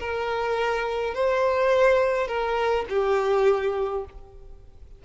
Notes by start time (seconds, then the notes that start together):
0.00 A#4
1.15 C5
2.28 A#4
2.90 G4